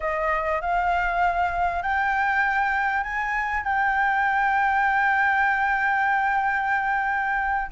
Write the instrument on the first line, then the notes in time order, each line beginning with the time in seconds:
flute
0.00 D#5
0.61 F5
1.82 G5
3.03 G#5
3.63 G5